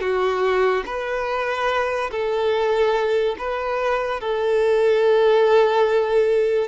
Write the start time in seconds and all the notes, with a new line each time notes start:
0.00 F#4
0.85 B4
2.11 A4
3.38 B4
4.20 A4